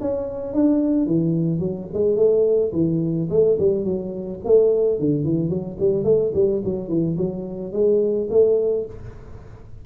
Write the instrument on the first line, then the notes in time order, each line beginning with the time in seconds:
tuba
0.00 C#4
0.53 D4
1.06 E3
1.59 F#3
1.93 G#3
2.16 A3
2.72 E3
3.29 A3
3.59 G3
3.84 F#3
4.44 A3
4.99 D3
5.24 E3
5.49 F#3
5.79 G3
6.04 A3
6.34 G3
6.64 F#3
6.88 E3
7.17 F#3
7.72 G#3
8.30 A3